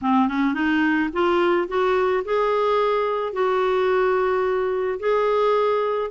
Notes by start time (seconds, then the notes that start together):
0.01 C4
0.28 C#4
0.54 D#4
1.12 F4
1.68 F#4
2.24 G#4
3.32 F#4
4.99 G#4